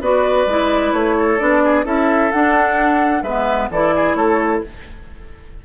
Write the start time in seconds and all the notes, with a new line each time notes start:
0.00 B3 F#4 B4 D5
0.46 G#3 E4
0.93 A3 C#5
1.17 A4
1.39 B3 D4 D5
1.64 G#4
1.85 C#4 E4 A4 E5
2.32 D4 F#5
3.23 G#3 B3 B4 E5
3.70 E3 E4 A4 D5
3.96 G#4
4.15 A3 A4 C#5